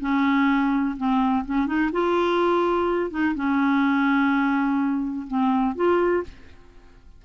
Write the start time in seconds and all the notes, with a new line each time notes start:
0.00 C#4
0.97 C4
1.45 C#4
1.66 D#4
1.92 F4
3.11 D#4
3.35 C#4
5.27 C4
5.75 F4